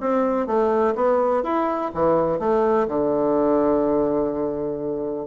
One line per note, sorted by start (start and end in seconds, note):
0.00 0.46 C4
0.46 0.94 A3
0.95 1.43 B3
1.43 1.91 E4
1.94 2.39 E3
2.39 2.87 A3
2.88 5.26 D3